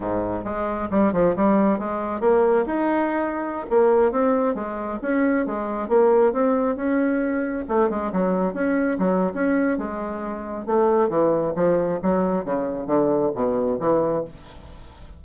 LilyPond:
\new Staff \with { instrumentName = "bassoon" } { \time 4/4 \tempo 4 = 135 gis,4 gis4 g8 f8 g4 | gis4 ais4 dis'2~ | dis'16 ais4 c'4 gis4 cis'8.~ | cis'16 gis4 ais4 c'4 cis'8.~ |
cis'4~ cis'16 a8 gis8 fis4 cis'8.~ | cis'16 fis8. cis'4 gis2 | a4 e4 f4 fis4 | cis4 d4 b,4 e4 | }